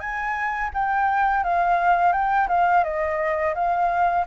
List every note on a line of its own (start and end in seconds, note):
0.00 0.71 G#5
0.74 1.44 G5
1.44 2.13 F5
2.13 2.48 G5
2.49 2.84 F5
2.84 3.55 D#5
3.55 4.26 F5